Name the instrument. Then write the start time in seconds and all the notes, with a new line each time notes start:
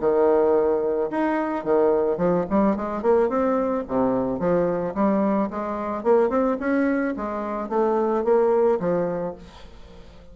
bassoon
0.00 D#3
1.10 D#4
1.64 D#3
2.17 F3
2.49 G3
2.76 G#3
3.02 A#3
3.29 C4
3.87 C3
4.39 F3
4.94 G3
5.50 G#3
6.03 A#3
6.29 C4
6.59 C#4
7.16 G#3
7.69 A3
8.24 A#3
8.79 F3